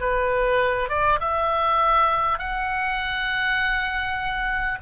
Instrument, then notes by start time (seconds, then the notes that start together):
oboe
0.00 B4
0.89 D5
1.21 E5
2.39 F#5